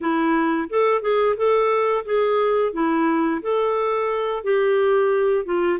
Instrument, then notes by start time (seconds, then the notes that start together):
clarinet
0.00 E4
0.69 A4
1.01 G#4
1.36 A4
2.05 G#4
2.73 E4
3.42 A4
4.43 G4
5.45 F4